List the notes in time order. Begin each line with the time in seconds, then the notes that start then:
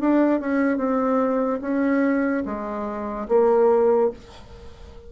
0.00 D4
0.40 C#4
0.77 C4
1.61 C#4
2.45 G#3
3.28 A#3